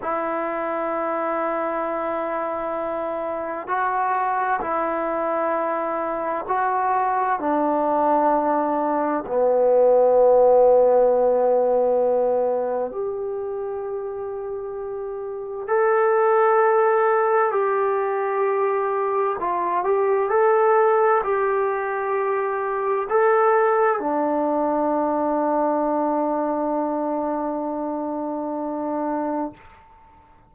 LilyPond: \new Staff \with { instrumentName = "trombone" } { \time 4/4 \tempo 4 = 65 e'1 | fis'4 e'2 fis'4 | d'2 b2~ | b2 g'2~ |
g'4 a'2 g'4~ | g'4 f'8 g'8 a'4 g'4~ | g'4 a'4 d'2~ | d'1 | }